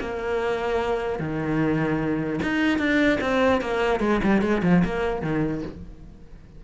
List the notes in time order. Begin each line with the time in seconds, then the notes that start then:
0.00 A#3
1.19 D#3
2.43 D#4
2.79 D4
3.21 C4
3.61 A#3
4.00 G#3
4.24 G3
4.42 G#3
4.63 F3
4.84 A#3
5.22 D#3